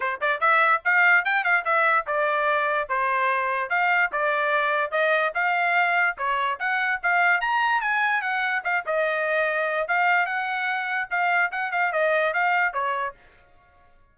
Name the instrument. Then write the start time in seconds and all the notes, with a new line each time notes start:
trumpet
0.00 C5
0.21 D5
0.40 E5
0.84 F5
1.24 G5
1.43 F5
1.64 E5
2.06 D5
2.88 C5
3.69 F5
4.12 D5
4.91 D#5
5.34 F5
6.17 C#5
6.59 F#5
7.02 F5
7.40 A#5
7.81 G#5
8.21 F#5
8.64 F5
8.86 D#5
9.88 F5
10.26 F#5
11.10 F5
11.51 F#5
11.71 F5
11.92 D#5
12.33 F5
12.73 C#5